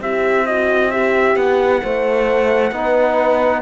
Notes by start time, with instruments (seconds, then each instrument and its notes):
0.00 cello C4, trombone E4, horn G4, trumpet E5
0.46 horn F#4, trumpet D#5
0.91 horn G4, trumpet E5
1.35 cello B3, trumpet F#5
1.82 cello A3, horn C5
2.71 cello B3, trombone D#4, horn B4